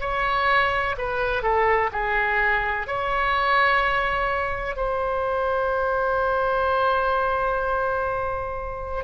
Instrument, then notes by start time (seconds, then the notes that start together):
oboe
0.00 C#5
0.97 B4
1.42 A4
1.92 G#4
2.87 C#5
4.76 C5